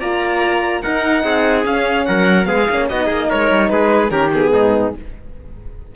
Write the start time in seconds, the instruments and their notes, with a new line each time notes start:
0.00 cello A#3, horn F4, trumpet D5, violin A#5
0.82 horn D#4, cello D#4, trumpet A#4, violin F#5
1.24 cello C4, trumpet G#4
1.65 cello C#4, horn C#4, violin F5
2.06 cello F#3, trumpet A#4, violin F#5
2.45 cello G#3, horn B3, trumpet G#4, violin F5
2.70 cello A#3, horn C#4
2.90 cello B3, horn D#4, trumpet F#4, violin D#5
3.06 cello A#3, trumpet G#4
3.30 cello G#3, trumpet A#4, violin C#5
3.52 cello G3
3.70 cello G#3, trumpet G#4, violin B4
4.09 cello D#3, horn C#4, trumpet G4, violin A#4
4.34 horn B3, violin G#4
4.52 cello G#2, trumpet D#4